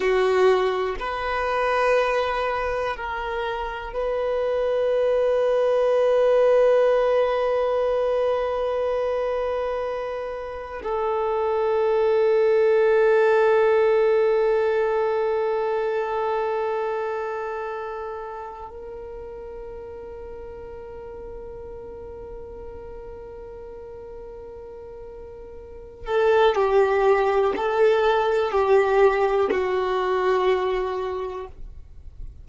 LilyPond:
\new Staff \with { instrumentName = "violin" } { \time 4/4 \tempo 4 = 61 fis'4 b'2 ais'4 | b'1~ | b'2. a'4~ | a'1~ |
a'2. ais'4~ | ais'1~ | ais'2~ ais'8 a'8 g'4 | a'4 g'4 fis'2 | }